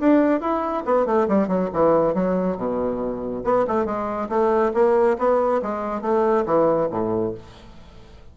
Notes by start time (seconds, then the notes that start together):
0.00 D4
0.41 E4
0.86 B3
1.06 A3
1.28 G3
1.48 F#3
1.73 E3
2.14 F#3
2.57 B2
3.44 B3
3.67 A3
3.86 G#3
4.29 A3
4.74 A#3
5.18 B3
5.62 G#3
6.02 A3
6.46 E3
6.91 A2